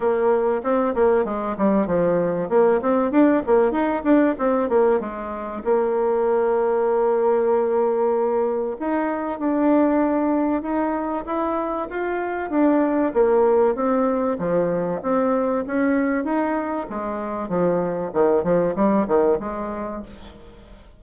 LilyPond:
\new Staff \with { instrumentName = "bassoon" } { \time 4/4 \tempo 4 = 96 ais4 c'8 ais8 gis8 g8 f4 | ais8 c'8 d'8 ais8 dis'8 d'8 c'8 ais8 | gis4 ais2.~ | ais2 dis'4 d'4~ |
d'4 dis'4 e'4 f'4 | d'4 ais4 c'4 f4 | c'4 cis'4 dis'4 gis4 | f4 dis8 f8 g8 dis8 gis4 | }